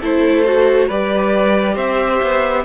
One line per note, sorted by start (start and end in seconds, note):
0.00 0.89 A3
0.00 0.44 E4
0.00 0.87 A4
0.00 0.89 C5
0.44 0.88 F#4
0.87 1.76 G3
0.87 2.65 G4
0.87 1.74 B4
0.87 1.77 D5
1.74 2.20 C4
1.74 2.63 C5
1.74 2.65 E5
2.22 2.65 B3